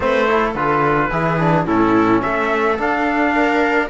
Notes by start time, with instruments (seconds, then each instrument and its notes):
0.00 cello A3, trombone C4, viola B4, trumpet C5
0.27 trombone E4, viola A4
0.54 cello D3, trombone F4, trumpet B4
1.11 cello E3, trombone E4, viola G#4
1.39 trombone D4
1.65 cello A2, trombone C#4, viola E4, trumpet A4
2.22 cello A3, viola A4, trumpet E5
2.78 trombone D4, cello D4, trumpet F5
3.35 viola A#4